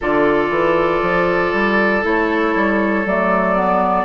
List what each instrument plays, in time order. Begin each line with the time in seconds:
0.01 bassoon D3, clarinet F4, oboe A4, flute D5
0.49 bassoon E3
1.01 bassoon F3
1.52 bassoon G3
2.02 bassoon A3, clarinet E4, flute C#5
2.55 bassoon G3
3.05 bassoon F#3, clarinet A3, flute D5
3.56 clarinet B3